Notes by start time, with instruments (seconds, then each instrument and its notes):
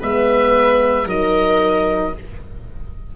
0.00 tuba G#3, horn B3, viola B4, oboe E5
1.06 tuba F#3, horn D#4, viola A#4, oboe D#5